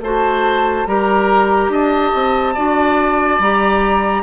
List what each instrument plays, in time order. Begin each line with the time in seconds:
0.00 bassoon A3, clarinet F#4, oboe C5, flute A5
0.86 bassoon G3, clarinet G4, oboe A#4, flute A#5
1.68 bassoon D4, oboe D#5, flute A5
2.14 bassoon C4
2.54 bassoon D4, clarinet F#4, oboe D5
3.39 bassoon G3, clarinet G4, flute A#5